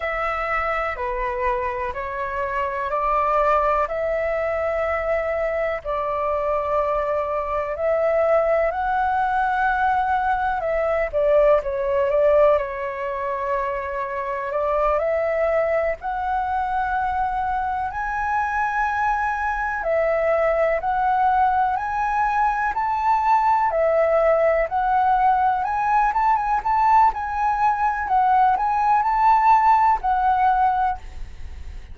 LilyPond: \new Staff \with { instrumentName = "flute" } { \time 4/4 \tempo 4 = 62 e''4 b'4 cis''4 d''4 | e''2 d''2 | e''4 fis''2 e''8 d''8 | cis''8 d''8 cis''2 d''8 e''8~ |
e''8 fis''2 gis''4.~ | gis''8 e''4 fis''4 gis''4 a''8~ | a''8 e''4 fis''4 gis''8 a''16 gis''16 a''8 | gis''4 fis''8 gis''8 a''4 fis''4 | }